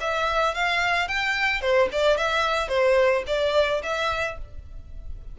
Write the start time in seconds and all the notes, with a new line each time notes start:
0.00 E5
0.54 F5
1.08 G5
1.61 C5
1.92 D5
2.17 E5
2.68 C5
3.27 D5
3.83 E5